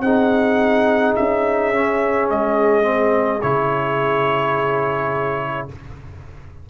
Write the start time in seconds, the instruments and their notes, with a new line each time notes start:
0.00 tuba C4, trombone D#4, horn G#4, trumpet F#5
1.16 tuba C#4, trumpet E5
1.74 trombone C#4
2.30 tuba G#3, trumpet D#5
2.83 trombone C4
3.42 tuba C#3, trombone E4, trumpet C#5